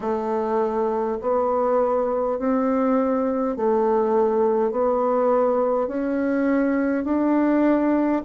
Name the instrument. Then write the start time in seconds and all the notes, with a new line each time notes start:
bassoon
0.00 A3
1.21 B3
2.39 C4
3.56 A3
4.71 B3
5.87 C#4
7.04 D4